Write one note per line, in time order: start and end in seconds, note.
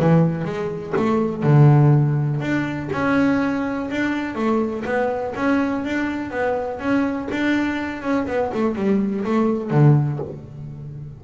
0.00 0.45 E3
0.45 0.94 G#3
0.97 1.43 A3
1.43 2.41 D3
2.41 2.90 D4
2.93 3.90 C#4
3.91 4.35 D4
4.35 4.84 A3
4.85 5.34 B3
5.36 5.85 C#4
5.85 6.31 D4
6.31 6.80 B3
6.80 7.29 C#4
7.32 8.03 D4
8.03 8.27 C#4
8.27 8.52 B3
8.54 8.76 A3
8.76 9.25 G3
9.25 9.71 A3
9.71 10.20 D3